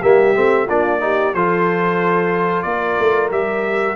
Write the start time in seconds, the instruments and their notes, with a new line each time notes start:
0.00 tuba G3, trombone A#3, horn G4, trumpet E5
0.35 tuba A3, trombone C4
0.66 tuba A#3, trombone D4, horn F4, trumpet D5
1.00 trombone D#4, horn G4
1.34 tuba F3, trombone F4, horn A4, trumpet C5
2.63 tuba A#3, horn A#4, trumpet D5
2.99 tuba A3
3.31 tuba G3, trombone G4, trumpet E5